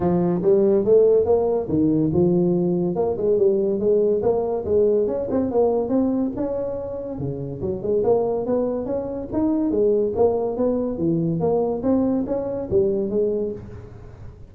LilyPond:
\new Staff \with { instrumentName = "tuba" } { \time 4/4 \tempo 4 = 142 f4 g4 a4 ais4 | dis4 f2 ais8 gis8 | g4 gis4 ais4 gis4 | cis'8 c'8 ais4 c'4 cis'4~ |
cis'4 cis4 fis8 gis8 ais4 | b4 cis'4 dis'4 gis4 | ais4 b4 e4 ais4 | c'4 cis'4 g4 gis4 | }